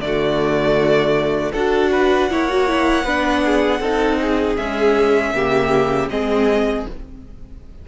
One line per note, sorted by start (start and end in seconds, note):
0.00 1.52 D3
0.00 1.55 A3
0.00 1.53 D5
0.06 1.53 F#4
1.53 2.30 D4
1.53 2.31 F#4
1.53 1.91 A4
1.53 4.57 F#5
1.92 2.30 B4
2.30 3.05 A#3
2.30 2.49 E4
2.30 3.05 C#5
2.49 2.68 F#4
2.68 3.06 E4
3.05 3.80 B3
3.05 3.83 D4
3.05 3.43 B4
3.46 3.81 G#4
3.80 4.56 C4
3.80 4.58 D#4
3.80 4.19 A4
4.22 5.35 G#4
4.57 5.34 G#3
4.57 5.34 C#4
4.57 6.09 E5
5.34 6.10 C#3
5.34 6.10 A#3
5.34 6.11 G4
6.10 6.86 G#3
6.10 6.86 C4
6.10 6.88 G#4
6.10 6.86 D#5